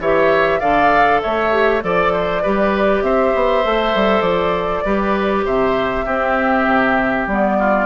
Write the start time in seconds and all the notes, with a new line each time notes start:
0.00 E3 G4 C#5 E5
0.60 D3 A4 D5 F5
1.22 A3 C#5 E5
1.52 G4
1.81 F3 A4 D5
2.13 C5
2.43 G3 G4 B4
3.03 C4 C5 E5
3.35 B3
3.65 A3 A4
3.95 G3
4.22 F3 D5
4.85 G3 G4 B4
5.45 C3 C5 E5
6.06 C4 G4
6.67 C3
7.27 G3 B3 D5
7.59 F4